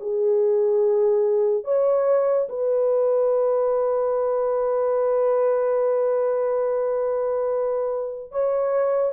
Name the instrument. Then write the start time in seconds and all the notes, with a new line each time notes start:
horn
0.00 G#4
1.64 C#5
2.49 B4
8.31 C#5